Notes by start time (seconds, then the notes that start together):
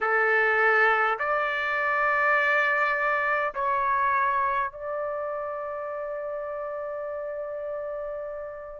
0.00 A4
1.18 D5
3.54 C#5
4.71 D5